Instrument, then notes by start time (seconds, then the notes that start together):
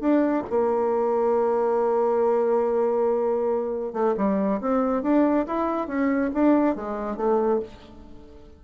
bassoon
0.00 D4
0.49 A#3
3.93 A3
4.17 G3
4.60 C4
5.02 D4
5.46 E4
5.87 C#4
6.33 D4
6.75 G#3
7.16 A3